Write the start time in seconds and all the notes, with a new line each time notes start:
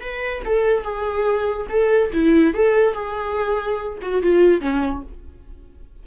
0.00 B4
0.45 A4
0.83 G#4
1.69 A4
2.13 E4
2.54 A4
2.93 G#4
4.01 F#4
4.22 F4
4.61 C#4